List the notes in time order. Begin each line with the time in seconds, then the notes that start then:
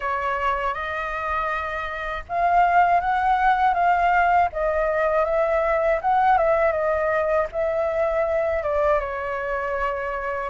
0.00 C#5
0.74 D#5
2.28 F5
3.00 F#5
3.74 F5
4.52 D#5
5.25 E5
6.01 F#5
6.38 E5
6.71 D#5
7.52 E5
8.63 D5
9.00 C#5